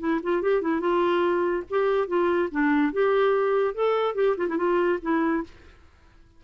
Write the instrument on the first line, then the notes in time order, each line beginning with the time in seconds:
clarinet
0.00 E4
0.23 F4
0.42 G4
0.62 E4
0.81 F4
1.70 G4
2.08 F4
2.52 D4
2.93 G4
3.75 A4
4.16 G4
4.38 F4
4.49 E4
4.58 F4
5.02 E4